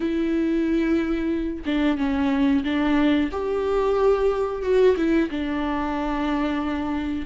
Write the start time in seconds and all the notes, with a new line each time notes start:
0.00 E4
1.65 D4
1.97 C#4
2.63 D4
3.31 G4
4.62 F#4
4.96 E4
5.30 D4